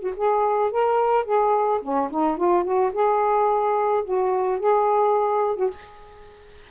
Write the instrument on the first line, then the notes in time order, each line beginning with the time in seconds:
saxophone
0.00 F#4
0.16 G#4
0.71 A#4
1.25 G#4
1.82 C#4
2.11 D#4
2.37 F4
2.64 F#4
2.93 G#4
4.04 F#4
4.60 G#4
5.56 F#4